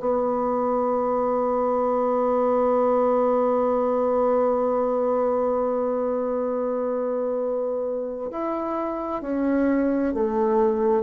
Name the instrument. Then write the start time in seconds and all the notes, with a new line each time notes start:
bassoon
0.00 B3
8.31 E4
9.22 C#4
10.14 A3